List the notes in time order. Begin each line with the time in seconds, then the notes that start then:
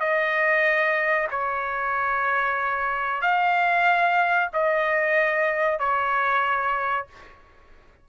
0.00 D#5
1.31 C#5
3.21 F5
4.53 D#5
5.79 C#5